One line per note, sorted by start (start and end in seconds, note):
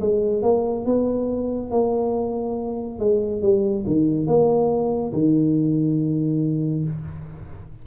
0.00 0.42 G#3
0.42 0.85 A#3
0.85 1.71 B3
1.71 2.99 A#3
2.99 3.42 G#3
3.42 3.85 G3
3.86 4.27 D#3
4.27 5.12 A#3
5.13 6.84 D#3